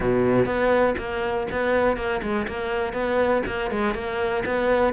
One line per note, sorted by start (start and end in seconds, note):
0.00 0.45 B2
0.45 0.95 B3
0.98 1.47 A#3
1.51 1.96 B3
1.96 2.21 A#3
2.22 2.46 G#3
2.47 2.93 A#3
2.93 3.42 B3
3.46 3.70 A#3
3.70 3.94 G#3
3.94 4.43 A#3
4.45 4.93 B3